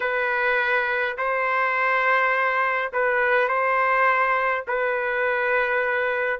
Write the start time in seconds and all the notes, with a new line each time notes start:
0.00 B4
1.17 C5
2.92 B4
3.48 C5
4.67 B4